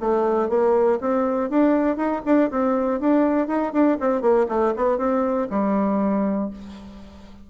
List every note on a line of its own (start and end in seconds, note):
0.00 0.49 A3
0.49 0.99 A#3
1.00 1.50 C4
1.50 1.96 D4
1.96 2.21 D#4
2.25 2.50 D4
2.50 3.00 C4
3.00 3.47 D4
3.47 3.72 D#4
3.72 3.97 D4
4.00 4.21 C4
4.21 4.46 A#3
4.48 4.73 A3
4.76 4.98 B3
4.98 5.48 C4
5.50 6.50 G3